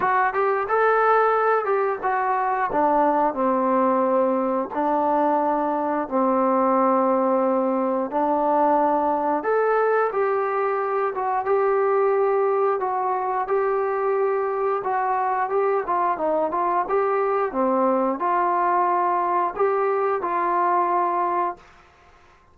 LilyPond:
\new Staff \with { instrumentName = "trombone" } { \time 4/4 \tempo 4 = 89 fis'8 g'8 a'4. g'8 fis'4 | d'4 c'2 d'4~ | d'4 c'2. | d'2 a'4 g'4~ |
g'8 fis'8 g'2 fis'4 | g'2 fis'4 g'8 f'8 | dis'8 f'8 g'4 c'4 f'4~ | f'4 g'4 f'2 | }